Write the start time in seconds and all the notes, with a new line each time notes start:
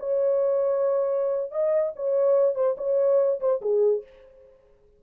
0.00 C#5
1.52 D#5
1.96 C#5
2.55 C5
2.78 C#5
3.41 C5
3.62 G#4